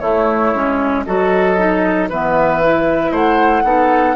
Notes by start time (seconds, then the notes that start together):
0.00 A3 E4 C#5
0.54 G#3 C#4
1.06 F#3 F#4 A4 D#5
1.58 D#4
2.10 E3 B3 B4 E5
2.62 E4
3.11 A3 C5 F#5
3.64 B3 D#4 A4